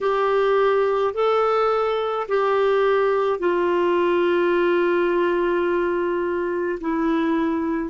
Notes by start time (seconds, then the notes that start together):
0.01 G4
1.13 A4
2.28 G4
3.39 F4
6.80 E4